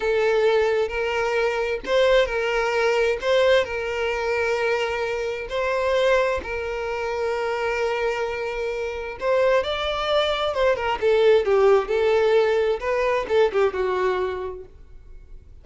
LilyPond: \new Staff \with { instrumentName = "violin" } { \time 4/4 \tempo 4 = 131 a'2 ais'2 | c''4 ais'2 c''4 | ais'1 | c''2 ais'2~ |
ais'1 | c''4 d''2 c''8 ais'8 | a'4 g'4 a'2 | b'4 a'8 g'8 fis'2 | }